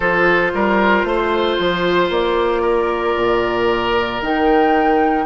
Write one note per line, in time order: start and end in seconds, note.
0.00 0.52 F3
0.00 4.21 F4
0.00 0.51 A4
0.00 2.10 C5
0.54 1.04 G3
0.54 1.07 A#4
1.04 1.56 A3
1.04 2.62 C5
1.59 2.09 F3
2.09 3.14 A#3
2.09 4.22 D5
2.62 5.25 A#4
3.16 4.21 A#2
4.21 5.26 D#3
4.21 5.26 D#4
4.21 5.26 G5